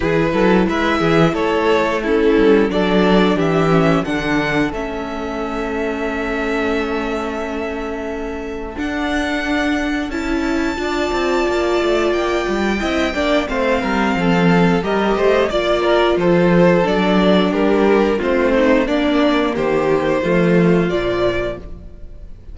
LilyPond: <<
  \new Staff \with { instrumentName = "violin" } { \time 4/4 \tempo 4 = 89 b'4 e''4 cis''4 a'4 | d''4 e''4 fis''4 e''4~ | e''1~ | e''4 fis''2 a''4~ |
a''2 g''2 | f''2 dis''4 d''4 | c''4 d''4 ais'4 c''4 | d''4 c''2 d''4 | }
  \new Staff \with { instrumentName = "violin" } { \time 4/4 gis'8 a'8 b'8 gis'8 a'4 e'4 | a'4 g'4 a'2~ | a'1~ | a'1 |
d''2. dis''8 d''8 | c''8 ais'8 a'4 ais'8 c''8 d''8 ais'8 | a'2 g'4 f'8 dis'8 | d'4 g'4 f'2 | }
  \new Staff \with { instrumentName = "viola" } { \time 4/4 e'2. cis'4 | d'4. cis'8 d'4 cis'4~ | cis'1~ | cis'4 d'2 e'4 |
f'2. e'8 d'8 | c'2 g'4 f'4~ | f'4 d'2 c'4 | ais2 a4 f4 | }
  \new Staff \with { instrumentName = "cello" } { \time 4/4 e8 fis8 gis8 e8 a4. g8 | fis4 e4 d4 a4~ | a1~ | a4 d'2 cis'4 |
d'8 c'8 ais8 a8 ais8 g8 c'8 ais8 | a8 g8 f4 g8 a8 ais4 | f4 fis4 g4 a4 | ais4 dis4 f4 ais,4 | }
>>